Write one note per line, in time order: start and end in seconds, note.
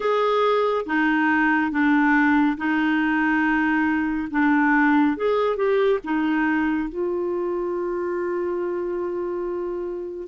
0.00 0.85 G#4
0.86 1.71 D#4
1.71 2.56 D4
2.57 4.28 D#4
4.31 5.16 D4
5.17 5.56 G#4
5.56 5.99 G4
6.04 6.89 D#4
6.89 10.27 F4